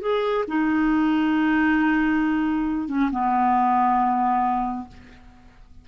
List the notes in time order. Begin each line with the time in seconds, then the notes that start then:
0.00 G#4
0.47 D#4
2.88 C#4
3.11 B3